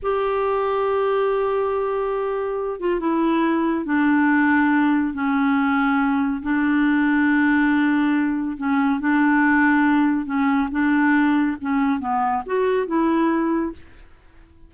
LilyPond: \new Staff \with { instrumentName = "clarinet" } { \time 4/4 \tempo 4 = 140 g'1~ | g'2~ g'8 f'8 e'4~ | e'4 d'2. | cis'2. d'4~ |
d'1 | cis'4 d'2. | cis'4 d'2 cis'4 | b4 fis'4 e'2 | }